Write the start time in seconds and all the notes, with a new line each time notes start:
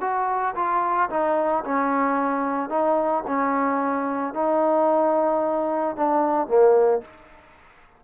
0.00 F#4
0.55 F4
1.10 D#4
1.64 C#4
2.69 D#4
3.27 C#4
4.33 D#4
5.96 D4
6.47 A#3